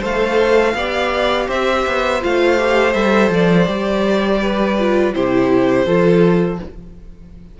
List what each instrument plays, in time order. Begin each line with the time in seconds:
0.00 cello A3, viola A4, violin C5 F5
0.74 cello B3, viola G4, violin D5
1.47 cello C4, violin C5 E5
1.86 cello B3
2.21 cello A3, viola F4, violin F5
2.57 viola G4
2.93 cello G3, viola A4, violin E5
3.30 cello F3, violin D5
3.66 cello G3, viola G4
4.41 violin B4
4.79 viola F4
5.14 cello C3, viola E4, violin G4 C5
5.86 cello F3, viola F4, violin A4